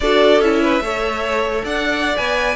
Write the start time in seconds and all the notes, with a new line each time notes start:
0.00 D4 F#4 A4 D5
0.39 C#4 E4 E5
0.62 B4
0.80 A3 A4 C#5
1.64 D4 D5 F#5
2.16 B3 B4 G#5